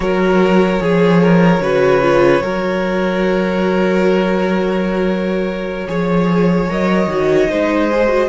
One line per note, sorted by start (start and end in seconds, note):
0.00 0.79 F#3
0.00 0.80 F#4
0.00 0.82 A#4
0.00 6.67 C#5
0.80 1.60 F3
0.80 1.61 G#4
0.80 1.22 G#4
1.22 1.62 A#4
1.60 2.41 C#3
1.60 2.01 F#4
1.60 2.43 B4
2.01 2.42 F4
2.42 5.86 F#3
2.42 5.87 F#4
2.42 5.87 A#4
5.87 6.69 F3
5.87 6.68 G#4
5.87 7.50 C#5
6.68 7.06 F#3
6.68 7.08 A#4
6.68 8.29 D#5
7.06 7.47 D#3
7.06 7.48 F#4
7.48 8.29 G#3
7.48 7.89 D#4
7.48 8.29 C5
7.92 8.07 G#4
8.07 8.28 F#4